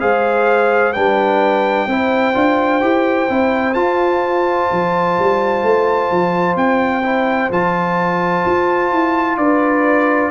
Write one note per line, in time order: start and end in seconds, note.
0.00 0.96 G#3
0.00 0.94 G#4
0.00 0.94 C5
0.00 0.94 F5
0.94 1.87 G3
0.94 1.89 D4
0.94 1.88 B4
0.94 3.74 G5
1.87 2.34 C4
1.87 2.34 E4
1.87 9.39 C5
2.34 2.82 D4
2.34 2.81 F4
2.81 3.29 E4
2.81 3.28 G4
3.29 3.76 C4
3.29 3.75 E4
3.74 7.03 F4
3.74 4.70 F4
3.74 6.55 A5
4.72 5.19 F3
5.19 5.63 G3
5.63 6.10 A3
6.11 6.56 F3
6.56 7.50 C4
6.56 7.51 G5
7.04 7.51 E4
7.51 8.45 F3
7.51 10.32 F4
7.51 9.38 A5
8.46 8.92 F4
8.92 9.38 E4
9.38 10.31 D4
9.38 10.32 B4
9.38 10.32 D5